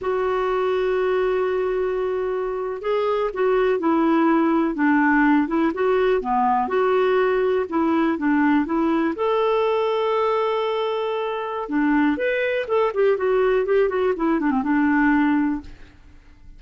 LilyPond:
\new Staff \with { instrumentName = "clarinet" } { \time 4/4 \tempo 4 = 123 fis'1~ | fis'4.~ fis'16 gis'4 fis'4 e'16~ | e'4.~ e'16 d'4. e'8 fis'16~ | fis'8. b4 fis'2 e'16~ |
e'8. d'4 e'4 a'4~ a'16~ | a'1 | d'4 b'4 a'8 g'8 fis'4 | g'8 fis'8 e'8 d'16 c'16 d'2 | }